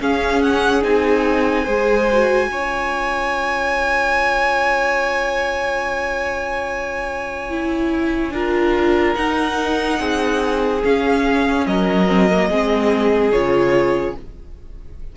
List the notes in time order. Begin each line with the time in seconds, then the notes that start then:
0.00 C#4 G#4 F5
0.41 F#5
0.82 C4 D#4 G#5
1.64 G#3 G#4 C5
2.12 F#4
2.48 C#4 F4 C#5
7.50 E4
8.30 D4 F4 A#4
9.14 D#4 F#5
9.99 C4 G#4
10.84 C#4 F5
11.66 F#3 A#4 D#5
12.07 C4
12.31 A#3
12.49 G#3 C4 G#4
13.32 C#3 F4 C#5